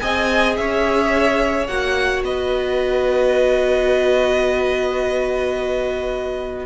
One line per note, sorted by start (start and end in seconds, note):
0.00 0.59 C4
0.00 1.68 G#4
0.00 0.58 D#5
0.00 0.56 G#5
0.57 1.68 C#4
0.57 2.25 C#5
0.57 1.67 E5
1.67 2.24 A#3
1.67 6.66 F#4
1.67 2.23 F#5
2.24 6.66 B3
2.24 6.66 B4
2.24 6.66 D#5